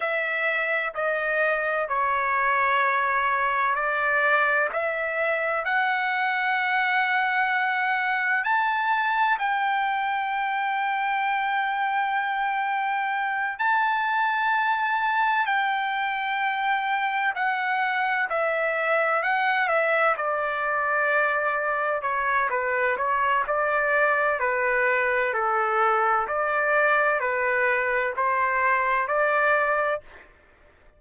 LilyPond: \new Staff \with { instrumentName = "trumpet" } { \time 4/4 \tempo 4 = 64 e''4 dis''4 cis''2 | d''4 e''4 fis''2~ | fis''4 a''4 g''2~ | g''2~ g''8 a''4.~ |
a''8 g''2 fis''4 e''8~ | e''8 fis''8 e''8 d''2 cis''8 | b'8 cis''8 d''4 b'4 a'4 | d''4 b'4 c''4 d''4 | }